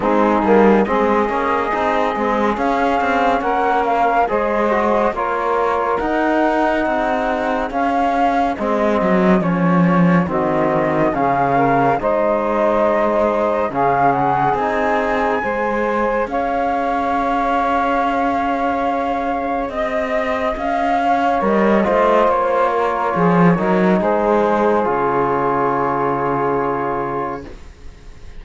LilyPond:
<<
  \new Staff \with { instrumentName = "flute" } { \time 4/4 \tempo 4 = 70 gis'4 dis''2 f''4 | fis''8 f''8 dis''4 cis''4 fis''4~ | fis''4 f''4 dis''4 cis''4 | dis''4 f''4 dis''2 |
f''8 fis''8 gis''2 f''4~ | f''2. dis''4 | f''4 dis''4 cis''2 | c''4 cis''2. | }
  \new Staff \with { instrumentName = "saxophone" } { \time 4/4 dis'4 gis'2. | ais'4 c''4 ais'2 | gis'1 | fis'4 gis'8 ais'8 c''2 |
gis'2 c''4 cis''4~ | cis''2. dis''4~ | dis''8 cis''4 c''4 ais'8 gis'8 ais'8 | gis'1 | }
  \new Staff \with { instrumentName = "trombone" } { \time 4/4 c'8 ais8 c'8 cis'8 dis'8 c'8 cis'4~ | cis'4 gis'8 fis'8 f'4 dis'4~ | dis'4 cis'4 c'4 cis'4 | c'4 cis'4 dis'2 |
cis'4 dis'4 gis'2~ | gis'1~ | gis'4 ais'8 f'2 dis'8~ | dis'4 f'2. | }
  \new Staff \with { instrumentName = "cello" } { \time 4/4 gis8 g8 gis8 ais8 c'8 gis8 cis'8 c'8 | ais4 gis4 ais4 dis'4 | c'4 cis'4 gis8 fis8 f4 | dis4 cis4 gis2 |
cis4 c'4 gis4 cis'4~ | cis'2. c'4 | cis'4 g8 a8 ais4 f8 fis8 | gis4 cis2. | }
>>